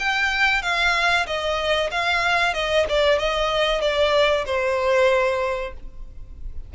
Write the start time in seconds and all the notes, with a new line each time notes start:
0.00 G5
0.63 F5
1.27 D#5
1.91 F5
2.54 D#5
2.90 D5
3.19 D#5
3.82 D5
4.46 C5